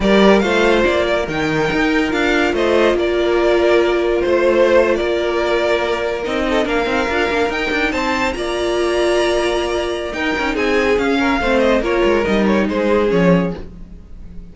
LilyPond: <<
  \new Staff \with { instrumentName = "violin" } { \time 4/4 \tempo 4 = 142 d''4 f''4 d''4 g''4~ | g''4 f''4 dis''4 d''4~ | d''2 c''4.~ c''16 d''16~ | d''2~ d''8. dis''4 f''16~ |
f''4.~ f''16 g''4 a''4 ais''16~ | ais''1 | g''4 gis''4 f''4. dis''8 | cis''4 dis''8 cis''8 c''4 cis''4 | }
  \new Staff \with { instrumentName = "violin" } { \time 4/4 ais'4 c''4. ais'4.~ | ais'2 c''4 ais'4~ | ais'2 c''4.~ c''16 ais'16~ | ais'2.~ ais'16 a'8 ais'16~ |
ais'2~ ais'8. c''4 d''16~ | d''1 | ais'4 gis'4. ais'8 c''4 | ais'2 gis'2 | }
  \new Staff \with { instrumentName = "viola" } { \time 4/4 g'4 f'2 dis'4~ | dis'4 f'2.~ | f'1~ | f'2~ f'8. dis'4 d'16~ |
d'16 dis'8 f'8 d'8 dis'2 f'16~ | f'1 | dis'2 cis'4 c'4 | f'4 dis'2 cis'4 | }
  \new Staff \with { instrumentName = "cello" } { \time 4/4 g4 a4 ais4 dis4 | dis'4 d'4 a4 ais4~ | ais2 a4.~ a16 ais16~ | ais2~ ais8. c'4 ais16~ |
ais16 c'8 d'8 ais8 dis'8 d'8 c'4 ais16~ | ais1 | dis'8 cis'8 c'4 cis'4 a4 | ais8 gis8 g4 gis4 f4 | }
>>